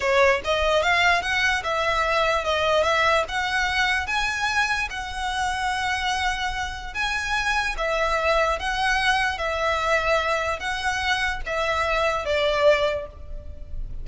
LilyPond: \new Staff \with { instrumentName = "violin" } { \time 4/4 \tempo 4 = 147 cis''4 dis''4 f''4 fis''4 | e''2 dis''4 e''4 | fis''2 gis''2 | fis''1~ |
fis''4 gis''2 e''4~ | e''4 fis''2 e''4~ | e''2 fis''2 | e''2 d''2 | }